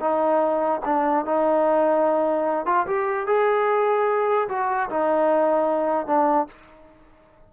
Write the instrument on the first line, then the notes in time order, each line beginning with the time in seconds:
trombone
0.00 D#4
0.85 D4
1.25 D#4
2.66 F4
2.87 G4
3.27 G#4
4.49 F#4
4.90 D#4
6.07 D4